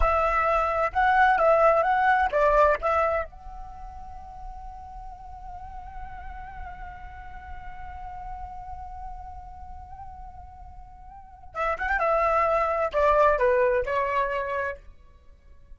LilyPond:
\new Staff \with { instrumentName = "flute" } { \time 4/4 \tempo 4 = 130 e''2 fis''4 e''4 | fis''4 d''4 e''4 fis''4~ | fis''1~ | fis''1~ |
fis''1~ | fis''1~ | fis''4 e''8 fis''16 g''16 e''2 | d''4 b'4 cis''2 | }